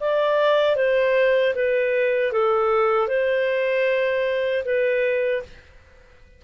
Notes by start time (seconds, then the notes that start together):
0.00 D5
0.76 C5
1.55 B4
2.32 A4
3.08 C5
4.65 B4